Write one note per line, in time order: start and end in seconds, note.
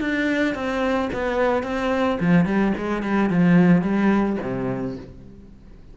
0.00 0.54 D4
0.54 1.09 C4
1.13 1.63 B3
1.63 2.18 C4
2.20 2.45 F3
2.45 2.73 G3
2.77 3.02 G#3
3.02 3.30 G3
3.30 3.82 F3
3.82 4.37 G3
4.42 4.97 C3